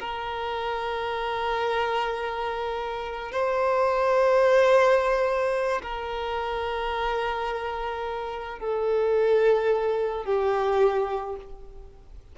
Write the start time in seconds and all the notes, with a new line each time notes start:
0.00 A#4
3.32 C5
5.83 A#4
8.60 A4
10.26 G4